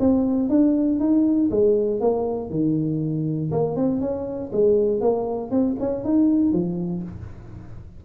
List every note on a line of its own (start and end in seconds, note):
0.00 0.50 C4
0.50 1.00 D4
1.00 1.51 D#4
1.51 2.01 G#3
2.01 2.50 A#3
2.50 3.51 D#3
3.52 3.76 A#3
3.76 4.01 C4
4.01 4.52 C#4
4.53 5.01 G#3
5.01 5.51 A#3
5.51 5.76 C4
5.80 6.05 C#4
6.05 6.53 D#4
6.53 7.03 F3